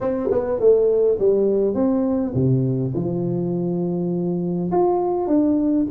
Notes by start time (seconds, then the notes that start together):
0.00 C4
0.30 B3
0.59 A3
1.19 G3
1.74 C4
2.34 C3
2.94 F3
4.71 F4
5.27 D4